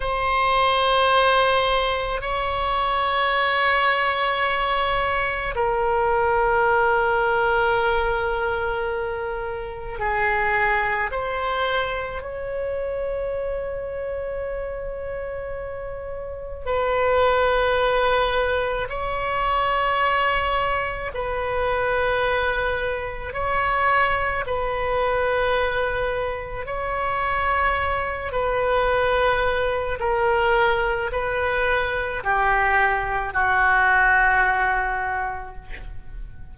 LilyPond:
\new Staff \with { instrumentName = "oboe" } { \time 4/4 \tempo 4 = 54 c''2 cis''2~ | cis''4 ais'2.~ | ais'4 gis'4 c''4 cis''4~ | cis''2. b'4~ |
b'4 cis''2 b'4~ | b'4 cis''4 b'2 | cis''4. b'4. ais'4 | b'4 g'4 fis'2 | }